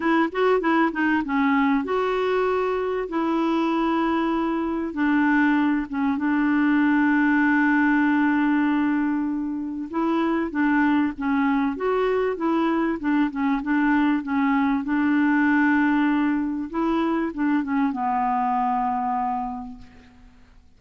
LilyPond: \new Staff \with { instrumentName = "clarinet" } { \time 4/4 \tempo 4 = 97 e'8 fis'8 e'8 dis'8 cis'4 fis'4~ | fis'4 e'2. | d'4. cis'8 d'2~ | d'1 |
e'4 d'4 cis'4 fis'4 | e'4 d'8 cis'8 d'4 cis'4 | d'2. e'4 | d'8 cis'8 b2. | }